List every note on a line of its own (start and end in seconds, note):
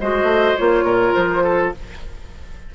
0.00 0.23 G#3
0.00 0.57 F#4
0.00 0.85 C5
0.00 0.57 D#5
0.23 0.52 A3
0.57 0.83 A#3
0.57 1.74 F4
0.57 1.14 C#5
0.83 1.12 A#2
0.83 1.43 A#4
1.14 1.75 F3
1.14 1.72 C5
1.44 1.73 A4